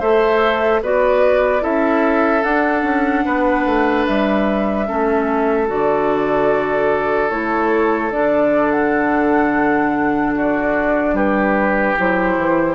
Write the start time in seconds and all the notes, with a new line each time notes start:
0.00 A3 A4 C5 E5
0.82 B3 F#4 B4 D5
1.60 C#4 E4 A4 E5
2.43 D4 F#5
2.83 C#4
3.25 B3 B4
3.66 A3
4.06 G3 E5
4.86 A3 C#4 A4
5.67 D3 F#4 D5
7.30 A3 E4 C#5
8.11 D3 D4 D5
8.71 F#5
10.35 F#4 D5
11.13 G3 G4 B4
11.97 F#3 E4 C5
12.37 E3